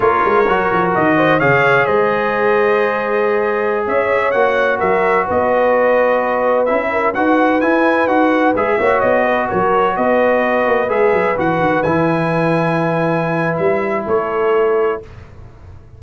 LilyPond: <<
  \new Staff \with { instrumentName = "trumpet" } { \time 4/4 \tempo 4 = 128 cis''2 dis''4 f''4 | dis''1~ | dis''16 e''4 fis''4 e''4 dis''8.~ | dis''2~ dis''16 e''4 fis''8.~ |
fis''16 gis''4 fis''4 e''4 dis''8.~ | dis''16 cis''4 dis''2 e''8.~ | e''16 fis''4 gis''2~ gis''8.~ | gis''4 e''4 cis''2 | }
  \new Staff \with { instrumentName = "horn" } { \time 4/4 ais'2~ ais'8 c''8 cis''4 | c''1~ | c''16 cis''2 ais'4 b'8.~ | b'2~ b'8. ais'8 b'8.~ |
b'2~ b'8. cis''4 b'16~ | b'16 ais'4 b'2~ b'8.~ | b'1~ | b'2 a'2 | }
  \new Staff \with { instrumentName = "trombone" } { \time 4/4 f'4 fis'2 gis'4~ | gis'1~ | gis'4~ gis'16 fis'2~ fis'8.~ | fis'2~ fis'16 e'4 fis'8.~ |
fis'16 e'4 fis'4 gis'8 fis'4~ fis'16~ | fis'2.~ fis'16 gis'8.~ | gis'16 fis'4 e'2~ e'8.~ | e'1 | }
  \new Staff \with { instrumentName = "tuba" } { \time 4/4 ais8 gis8 fis8 f8 dis4 cis4 | gis1~ | gis16 cis'4 ais4 fis4 b8.~ | b2~ b16 cis'4 dis'8.~ |
dis'16 e'4 dis'4 gis8 ais8 b8.~ | b16 fis4 b4. ais8 gis8 fis16~ | fis16 e8 dis8 e2~ e8.~ | e4 g4 a2 | }
>>